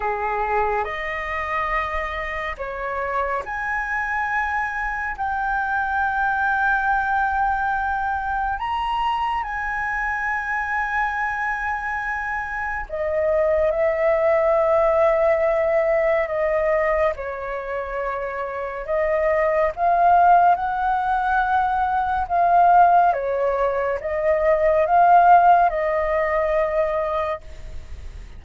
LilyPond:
\new Staff \with { instrumentName = "flute" } { \time 4/4 \tempo 4 = 70 gis'4 dis''2 cis''4 | gis''2 g''2~ | g''2 ais''4 gis''4~ | gis''2. dis''4 |
e''2. dis''4 | cis''2 dis''4 f''4 | fis''2 f''4 cis''4 | dis''4 f''4 dis''2 | }